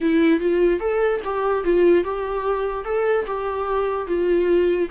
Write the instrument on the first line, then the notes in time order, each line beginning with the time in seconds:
viola
0.00 E4
0.40 F4
0.79 A4
1.24 G4
1.64 F4
2.03 G4
2.84 A4
3.26 G4
4.07 F4